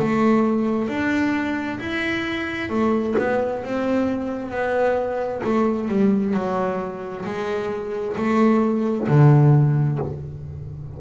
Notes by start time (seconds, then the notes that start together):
0.00 A3
0.89 D4
1.80 E4
2.70 A3
3.19 B3
3.64 C4
4.51 B3
5.44 A3
5.89 G3
6.34 F#3
7.26 G#3
8.17 A3
9.08 D3